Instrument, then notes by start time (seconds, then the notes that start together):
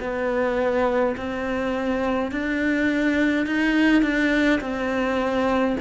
cello
0.00 B3
1.17 C4
2.32 D4
3.46 D#4
4.02 D4
4.61 C4